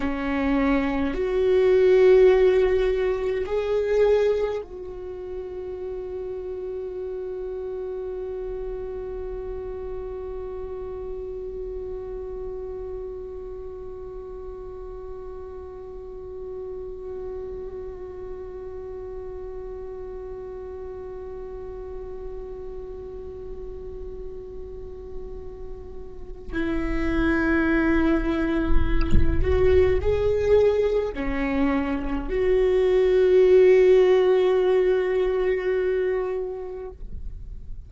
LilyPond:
\new Staff \with { instrumentName = "viola" } { \time 4/4 \tempo 4 = 52 cis'4 fis'2 gis'4 | fis'1~ | fis'1~ | fis'1~ |
fis'1~ | fis'2. e'4~ | e'4. fis'8 gis'4 cis'4 | fis'1 | }